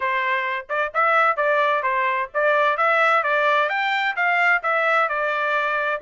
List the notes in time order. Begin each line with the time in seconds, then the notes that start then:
0.00 C5
0.69 D5
0.93 E5
1.36 D5
1.83 C5
2.33 D5
2.77 E5
3.23 D5
3.69 G5
4.15 F5
4.62 E5
5.08 D5